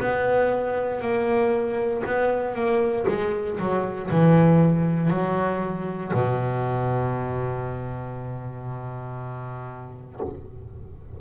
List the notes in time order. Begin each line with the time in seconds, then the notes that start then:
0.00 B3
1.01 A#3
2.06 B3
2.55 A#3
3.08 G#3
3.60 F#3
4.11 E3
5.10 F#3
6.14 B2